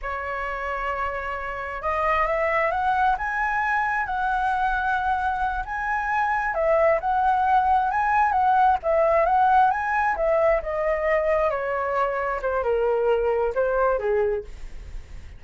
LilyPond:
\new Staff \with { instrumentName = "flute" } { \time 4/4 \tempo 4 = 133 cis''1 | dis''4 e''4 fis''4 gis''4~ | gis''4 fis''2.~ | fis''8 gis''2 e''4 fis''8~ |
fis''4. gis''4 fis''4 e''8~ | e''8 fis''4 gis''4 e''4 dis''8~ | dis''4. cis''2 c''8 | ais'2 c''4 gis'4 | }